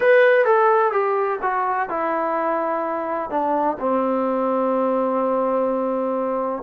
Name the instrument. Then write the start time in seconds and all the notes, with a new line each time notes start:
trombone
0.00 B4
0.45 A4
0.92 G4
1.42 F#4
1.89 E4
3.29 D4
3.79 C4